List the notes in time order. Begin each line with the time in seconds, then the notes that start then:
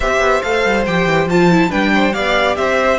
0.00 C4 G4 C5 E5
0.19 B3
0.42 A3 A4 F5
0.64 G3
0.85 F3 G4 G5
1.05 E3
1.25 F3 F4 A5
1.50 E4
1.69 G3 D4 B4 G5
1.94 C5
2.12 B3 G4 D5 F5
2.56 C4 C5 E5